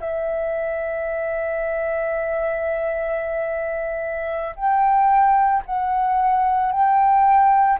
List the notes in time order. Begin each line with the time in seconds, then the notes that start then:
0.00 E5
4.56 G5
5.66 F#5
6.72 G5